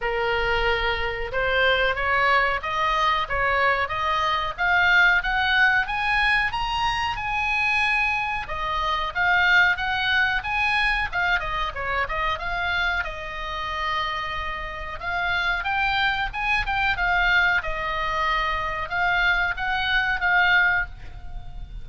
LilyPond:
\new Staff \with { instrumentName = "oboe" } { \time 4/4 \tempo 4 = 92 ais'2 c''4 cis''4 | dis''4 cis''4 dis''4 f''4 | fis''4 gis''4 ais''4 gis''4~ | gis''4 dis''4 f''4 fis''4 |
gis''4 f''8 dis''8 cis''8 dis''8 f''4 | dis''2. f''4 | g''4 gis''8 g''8 f''4 dis''4~ | dis''4 f''4 fis''4 f''4 | }